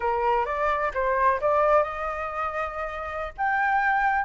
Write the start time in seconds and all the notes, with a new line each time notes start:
0.00 A#4
0.45 D5
0.94 C5
1.41 D5
1.83 D#5
3.37 G5